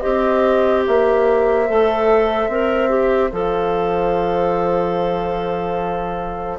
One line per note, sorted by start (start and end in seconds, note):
0.00 0.87 C4
0.00 1.66 G4
0.00 6.58 C5
0.00 0.82 D#5
0.87 1.69 A#3
0.87 3.31 E5
1.68 2.48 A3
1.68 2.50 A4
2.48 3.30 C4
2.48 2.89 A#4
2.89 3.30 G4
3.31 6.58 F3
3.31 6.58 A4
3.31 6.58 F5